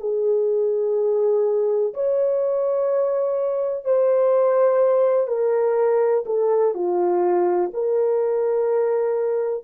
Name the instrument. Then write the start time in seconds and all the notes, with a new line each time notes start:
horn
0.00 G#4
1.94 C#5
3.85 C5
5.27 A#4
6.26 A4
6.74 F4
7.73 A#4